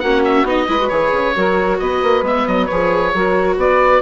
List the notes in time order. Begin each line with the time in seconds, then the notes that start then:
0.00 A#3 C#4 F#4 F#5
0.25 E5
0.44 B3 D#4 D#5
0.68 G#3 E4 B4
0.80 F#4
0.89 E3 G#4 C#5
1.12 C#3
1.35 F#3 F#4 A#4
1.79 B3 B4 D#5
2.03 A#3
2.23 G#3 B3 E5
2.47 F#3 D#5
2.66 F3 G#4 C#5
3.14 F#3 F#4 A#4
3.57 B3 B4 D5